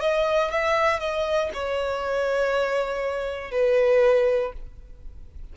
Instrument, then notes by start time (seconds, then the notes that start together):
violin
0.00 D#5
0.50 E5
0.99 D#5
1.53 C#5
3.51 B4